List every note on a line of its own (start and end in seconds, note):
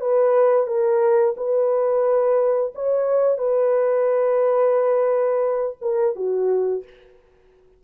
0.00 0.66 B4
0.66 1.35 A#4
1.36 2.73 B4
2.75 3.38 C#5
3.38 5.76 B4
5.81 6.15 A#4
6.15 6.83 F#4